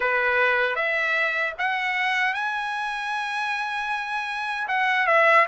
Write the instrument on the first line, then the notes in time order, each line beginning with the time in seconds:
trumpet
0.00 B4
0.75 E5
1.58 F#5
2.34 G#5
4.68 F#5
5.06 E5